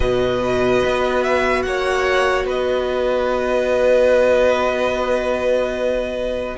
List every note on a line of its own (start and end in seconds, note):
0.00 0.82 B2
0.00 6.58 F#4
0.00 1.63 B4
0.00 1.23 D#5
0.84 1.64 B3
1.23 1.62 E5
1.62 2.45 A#3
1.62 2.46 C#5
1.62 2.45 F#5
2.45 6.55 B3
2.45 6.57 B4
2.45 6.58 D#5